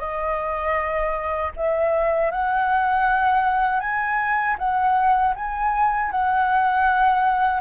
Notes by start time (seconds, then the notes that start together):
0.00 D#5
1.56 E5
2.31 F#5
3.80 G#5
4.58 F#5
5.35 G#5
6.11 F#5